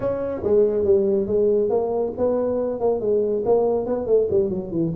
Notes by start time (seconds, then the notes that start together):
0.00 C#4
0.43 G#3
0.84 G3
1.26 G#3
1.69 A#3
2.17 B3
2.80 A#3
3.00 G#3
3.45 A#3
3.86 B3
4.06 A3
4.30 G3
4.49 F#3
4.71 E3